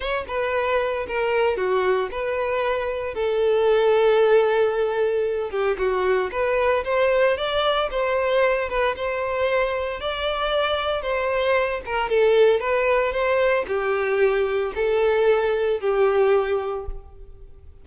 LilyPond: \new Staff \with { instrumentName = "violin" } { \time 4/4 \tempo 4 = 114 cis''8 b'4. ais'4 fis'4 | b'2 a'2~ | a'2~ a'8 g'8 fis'4 | b'4 c''4 d''4 c''4~ |
c''8 b'8 c''2 d''4~ | d''4 c''4. ais'8 a'4 | b'4 c''4 g'2 | a'2 g'2 | }